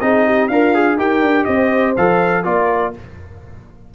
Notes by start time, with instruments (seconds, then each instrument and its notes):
0.00 tuba C4, trombone D#4, horn G#4, trumpet D#5
0.26 horn G4
0.48 tuba D4, horn F4, trombone A#4, trumpet F5
0.74 trombone G#4
0.97 tuba D#4, trombone G4, horn A#4, trumpet G5
1.21 tuba D4
1.45 tuba C4, horn C5, trumpet D#5
1.96 tuba F3, trombone A4, trumpet F5
2.44 tuba A#3, trombone F4, horn A#4, trumpet D5